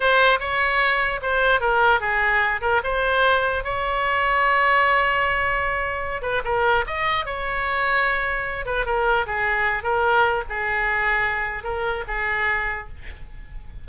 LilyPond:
\new Staff \with { instrumentName = "oboe" } { \time 4/4 \tempo 4 = 149 c''4 cis''2 c''4 | ais'4 gis'4. ais'8 c''4~ | c''4 cis''2.~ | cis''2.~ cis''8 b'8 |
ais'4 dis''4 cis''2~ | cis''4. b'8 ais'4 gis'4~ | gis'8 ais'4. gis'2~ | gis'4 ais'4 gis'2 | }